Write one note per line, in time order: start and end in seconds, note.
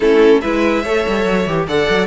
0.00 0.42 A3
0.00 0.42 C#4
0.00 0.40 E4
0.00 0.41 A4
0.41 0.84 G#3
0.41 0.84 E4
0.41 0.82 B4
0.41 1.66 E5
0.82 1.05 A3
0.82 1.47 A4
0.82 1.66 C#5
1.08 1.24 G3
1.24 1.45 F#3
1.46 1.67 E3
1.46 1.68 G4
1.67 1.88 D3
1.67 2.06 A4
1.67 2.06 D5
1.67 2.06 F#5
1.89 2.06 F#3